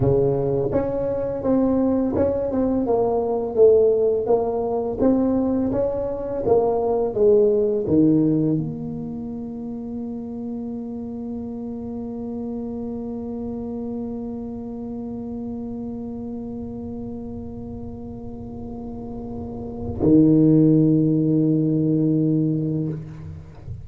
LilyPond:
\new Staff \with { instrumentName = "tuba" } { \time 4/4 \tempo 4 = 84 cis4 cis'4 c'4 cis'8 c'8 | ais4 a4 ais4 c'4 | cis'4 ais4 gis4 dis4 | ais1~ |
ais1~ | ais1~ | ais1 | dis1 | }